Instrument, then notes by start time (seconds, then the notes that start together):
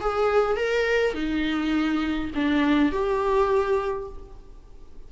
viola
0.00 G#4
0.56 A#4
1.14 D#4
2.34 D4
2.92 G4